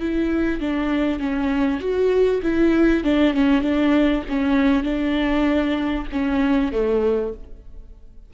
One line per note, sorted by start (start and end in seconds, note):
0.00 0.61 E4
0.61 1.20 D4
1.20 1.81 C#4
1.81 2.42 F#4
2.43 3.04 E4
3.04 3.34 D4
3.34 3.62 C#4
3.62 4.23 D4
4.29 4.84 C#4
4.84 6.06 D4
6.12 6.73 C#4
6.73 7.34 A3